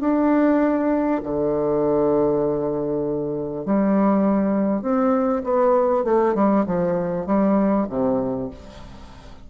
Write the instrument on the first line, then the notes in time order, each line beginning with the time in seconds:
bassoon
0.00 D4
1.23 D3
3.65 G3
4.82 C4
5.44 B3
6.04 A3
6.34 G3
6.66 F3
7.26 G3
7.89 C3